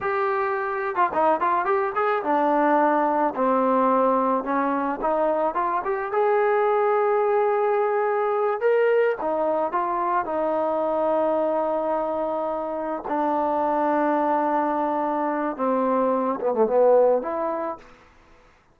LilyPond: \new Staff \with { instrumentName = "trombone" } { \time 4/4 \tempo 4 = 108 g'4.~ g'16 f'16 dis'8 f'8 g'8 gis'8 | d'2 c'2 | cis'4 dis'4 f'8 g'8 gis'4~ | gis'2.~ gis'8 ais'8~ |
ais'8 dis'4 f'4 dis'4.~ | dis'2.~ dis'8 d'8~ | d'1 | c'4. b16 a16 b4 e'4 | }